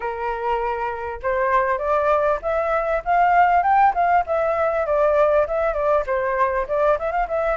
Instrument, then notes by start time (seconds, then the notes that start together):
flute
0.00 A#4
1.22 C5
1.78 D5
2.42 E5
3.05 F5
3.63 G5
3.94 F5
4.26 E5
4.86 D5
5.47 E5
5.73 D5
6.06 C5
6.67 D5
6.98 E5
7.11 F5
7.28 E5